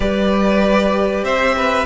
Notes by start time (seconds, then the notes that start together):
0.00 G3 G4 B4 D5
1.23 C4 C5 E5
1.56 B4